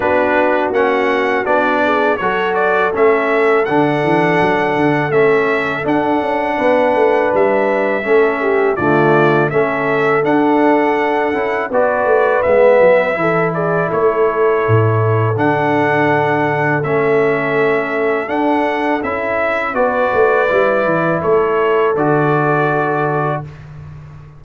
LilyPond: <<
  \new Staff \with { instrumentName = "trumpet" } { \time 4/4 \tempo 4 = 82 b'4 fis''4 d''4 cis''8 d''8 | e''4 fis''2 e''4 | fis''2 e''2 | d''4 e''4 fis''2 |
d''4 e''4. d''8 cis''4~ | cis''4 fis''2 e''4~ | e''4 fis''4 e''4 d''4~ | d''4 cis''4 d''2 | }
  \new Staff \with { instrumentName = "horn" } { \time 4/4 fis'2~ fis'8 gis'8 a'4~ | a'1~ | a'4 b'2 a'8 g'8 | f'4 a'2. |
b'2 a'8 gis'8 a'4~ | a'1~ | a'2. b'4~ | b'4 a'2. | }
  \new Staff \with { instrumentName = "trombone" } { \time 4/4 d'4 cis'4 d'4 fis'4 | cis'4 d'2 cis'4 | d'2. cis'4 | a4 cis'4 d'4. e'8 |
fis'4 b4 e'2~ | e'4 d'2 cis'4~ | cis'4 d'4 e'4 fis'4 | e'2 fis'2 | }
  \new Staff \with { instrumentName = "tuba" } { \time 4/4 b4 ais4 b4 fis4 | a4 d8 e8 fis8 d8 a4 | d'8 cis'8 b8 a8 g4 a4 | d4 a4 d'4. cis'8 |
b8 a8 gis8 fis8 e4 a4 | a,4 d2 a4~ | a4 d'4 cis'4 b8 a8 | g8 e8 a4 d2 | }
>>